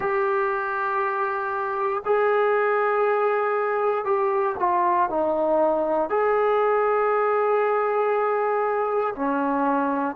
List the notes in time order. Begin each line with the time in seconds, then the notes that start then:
0.00 G4
2.05 G#4
4.04 G4
4.59 F4
5.09 D#4
6.09 G#4
9.15 C#4